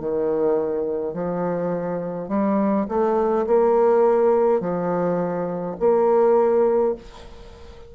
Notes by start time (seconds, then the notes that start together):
0.00 D#3
1.14 F3
2.29 G3
2.88 A3
3.47 A#3
4.60 F3
5.80 A#3